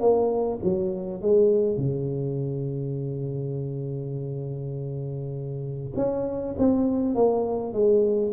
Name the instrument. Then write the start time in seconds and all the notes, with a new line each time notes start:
tuba
0.00 A#3
0.63 F#3
1.21 G#3
1.77 C#3
5.96 C#4
6.58 C4
7.15 A#3
7.73 G#3